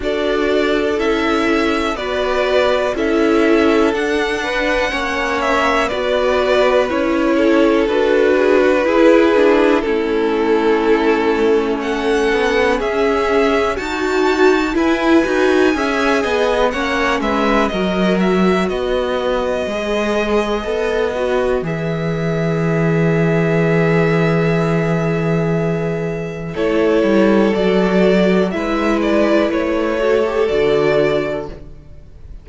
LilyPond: <<
  \new Staff \with { instrumentName = "violin" } { \time 4/4 \tempo 4 = 61 d''4 e''4 d''4 e''4 | fis''4. e''8 d''4 cis''4 | b'2 a'2 | fis''4 e''4 a''4 gis''4~ |
gis''4 fis''8 e''8 dis''8 e''8 dis''4~ | dis''2 e''2~ | e''2. cis''4 | d''4 e''8 d''8 cis''4 d''4 | }
  \new Staff \with { instrumentName = "violin" } { \time 4/4 a'2 b'4 a'4~ | a'8 b'8 cis''4 b'4. a'8~ | a'8 gis'16 fis'16 gis'4 e'2 | a'4 gis'4 fis'4 b'4 |
e''8 dis''8 cis''8 b'8 ais'4 b'4~ | b'1~ | b'2. a'4~ | a'4 b'4. a'4. | }
  \new Staff \with { instrumentName = "viola" } { \time 4/4 fis'4 e'4 fis'4 e'4 | d'4 cis'4 fis'4 e'4 | fis'4 e'8 d'8 cis'2~ | cis'2 fis'4 e'8 fis'8 |
gis'4 cis'4 fis'2 | gis'4 a'8 fis'8 gis'2~ | gis'2. e'4 | fis'4 e'4. fis'16 g'16 fis'4 | }
  \new Staff \with { instrumentName = "cello" } { \time 4/4 d'4 cis'4 b4 cis'4 | d'4 ais4 b4 cis'4 | d'4 e'4 a2~ | a8 b8 cis'4 dis'4 e'8 dis'8 |
cis'8 b8 ais8 gis8 fis4 b4 | gis4 b4 e2~ | e2. a8 g8 | fis4 gis4 a4 d4 | }
>>